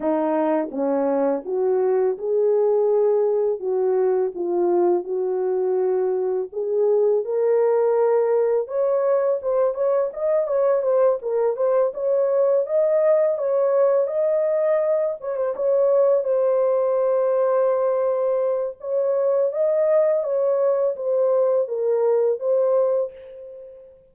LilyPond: \new Staff \with { instrumentName = "horn" } { \time 4/4 \tempo 4 = 83 dis'4 cis'4 fis'4 gis'4~ | gis'4 fis'4 f'4 fis'4~ | fis'4 gis'4 ais'2 | cis''4 c''8 cis''8 dis''8 cis''8 c''8 ais'8 |
c''8 cis''4 dis''4 cis''4 dis''8~ | dis''4 cis''16 c''16 cis''4 c''4.~ | c''2 cis''4 dis''4 | cis''4 c''4 ais'4 c''4 | }